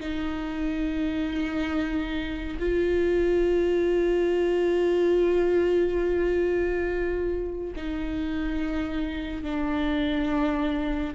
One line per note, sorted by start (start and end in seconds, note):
0.00 2.57 D#4
2.59 7.73 F4
7.76 9.43 D#4
9.43 11.14 D4